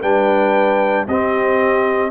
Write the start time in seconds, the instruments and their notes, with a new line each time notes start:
0.00 tuba G3, trombone D4, horn B4, trumpet G5
1.07 tuba C4, trombone C4, horn G4, trumpet D#5